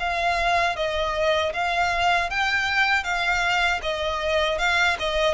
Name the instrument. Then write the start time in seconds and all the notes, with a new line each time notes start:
violin
0.00 F5
0.76 D#5
1.53 F5
2.30 G5
3.04 F5
3.83 D#5
4.59 F5
5.00 D#5